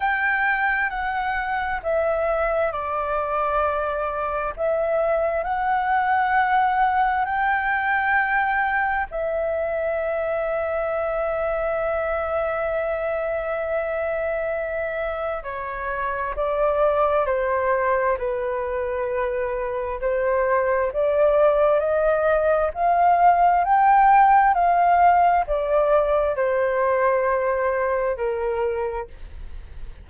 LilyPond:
\new Staff \with { instrumentName = "flute" } { \time 4/4 \tempo 4 = 66 g''4 fis''4 e''4 d''4~ | d''4 e''4 fis''2 | g''2 e''2~ | e''1~ |
e''4 cis''4 d''4 c''4 | b'2 c''4 d''4 | dis''4 f''4 g''4 f''4 | d''4 c''2 ais'4 | }